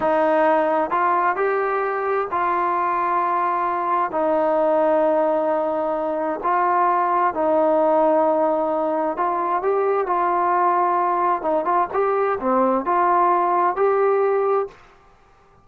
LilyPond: \new Staff \with { instrumentName = "trombone" } { \time 4/4 \tempo 4 = 131 dis'2 f'4 g'4~ | g'4 f'2.~ | f'4 dis'2.~ | dis'2 f'2 |
dis'1 | f'4 g'4 f'2~ | f'4 dis'8 f'8 g'4 c'4 | f'2 g'2 | }